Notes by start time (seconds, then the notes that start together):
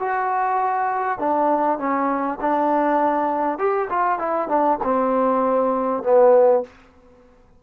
0.00 F#4
1.19 D4
1.79 C#4
2.41 D4
3.59 G4
3.90 F4
4.19 E4
4.48 D4
4.83 C4
6.04 B3